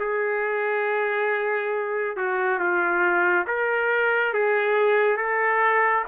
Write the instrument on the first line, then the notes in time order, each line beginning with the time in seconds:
trumpet
0.00 G#4
2.17 F#4
2.59 F4
3.47 A#4
4.34 G#4
5.17 A4